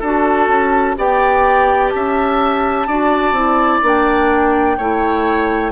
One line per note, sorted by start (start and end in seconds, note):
0.00 0.48 D4
0.00 0.96 F#4
0.00 0.95 A4
0.00 0.97 A5
0.48 0.95 C#4
0.96 1.93 B3
0.96 2.87 G4
0.96 1.93 D5
0.96 1.90 G5
1.90 2.87 C#4
1.90 2.87 E5
1.90 3.80 A5
2.87 3.32 D4
2.87 3.35 F#4
2.87 4.78 D5
3.32 3.79 C4
3.32 3.83 E4
3.82 4.78 A#3
3.82 4.78 D4
3.82 5.72 G5
4.78 5.72 A3
4.78 5.72 E4
4.78 5.72 C#5